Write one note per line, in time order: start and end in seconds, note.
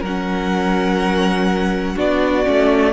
0.00 1.96 F#3
0.00 1.94 A#4
0.00 1.98 F#5
0.06 1.96 C#4
1.95 2.46 B3
1.95 2.44 D4
1.95 2.92 F#4
1.95 2.92 D5
2.44 2.92 A3
2.44 2.92 C#4